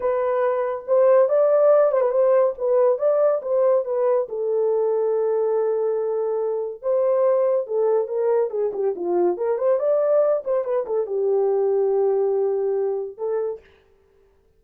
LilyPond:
\new Staff \with { instrumentName = "horn" } { \time 4/4 \tempo 4 = 141 b'2 c''4 d''4~ | d''8 c''16 b'16 c''4 b'4 d''4 | c''4 b'4 a'2~ | a'1 |
c''2 a'4 ais'4 | gis'8 g'8 f'4 ais'8 c''8 d''4~ | d''8 c''8 b'8 a'8 g'2~ | g'2. a'4 | }